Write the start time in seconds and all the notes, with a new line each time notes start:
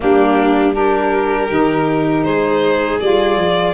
0.00 G3 A#3 D4 G4
0.73 D4 G4 A#4
1.50 D#3 D#4
2.23 G#3 G#4 C5
3.00 G3 F4 D5
3.36 F3